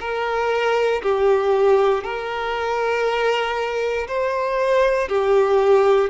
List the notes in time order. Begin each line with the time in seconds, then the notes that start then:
0.00 A#4
1.02 G4
2.04 A#4
4.08 C5
5.08 G4